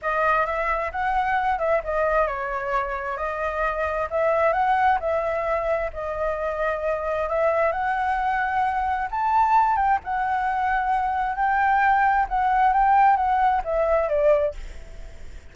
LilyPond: \new Staff \with { instrumentName = "flute" } { \time 4/4 \tempo 4 = 132 dis''4 e''4 fis''4. e''8 | dis''4 cis''2 dis''4~ | dis''4 e''4 fis''4 e''4~ | e''4 dis''2. |
e''4 fis''2. | a''4. g''8 fis''2~ | fis''4 g''2 fis''4 | g''4 fis''4 e''4 d''4 | }